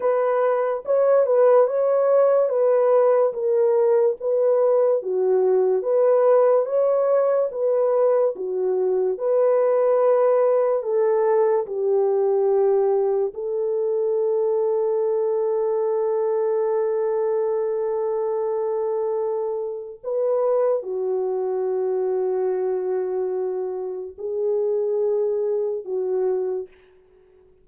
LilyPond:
\new Staff \with { instrumentName = "horn" } { \time 4/4 \tempo 4 = 72 b'4 cis''8 b'8 cis''4 b'4 | ais'4 b'4 fis'4 b'4 | cis''4 b'4 fis'4 b'4~ | b'4 a'4 g'2 |
a'1~ | a'1 | b'4 fis'2.~ | fis'4 gis'2 fis'4 | }